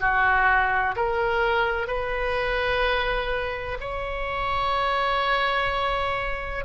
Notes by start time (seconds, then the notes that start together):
0.00 F#4
0.96 A#4
1.87 B4
3.81 C#5